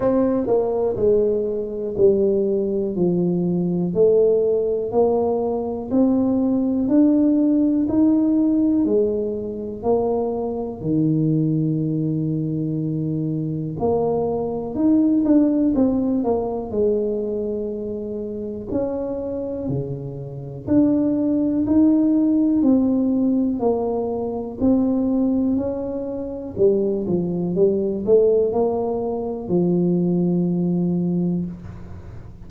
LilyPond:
\new Staff \with { instrumentName = "tuba" } { \time 4/4 \tempo 4 = 61 c'8 ais8 gis4 g4 f4 | a4 ais4 c'4 d'4 | dis'4 gis4 ais4 dis4~ | dis2 ais4 dis'8 d'8 |
c'8 ais8 gis2 cis'4 | cis4 d'4 dis'4 c'4 | ais4 c'4 cis'4 g8 f8 | g8 a8 ais4 f2 | }